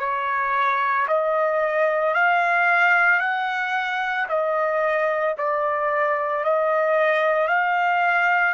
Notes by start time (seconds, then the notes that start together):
0.00 C#5
1.08 D#5
2.15 F5
3.20 F#5
4.29 D#5
5.38 D5
6.45 D#5
7.48 F5